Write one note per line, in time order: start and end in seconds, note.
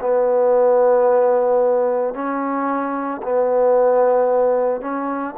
0.00 2.14 B3
2.14 3.21 C#4
3.22 4.81 B3
4.81 5.34 C#4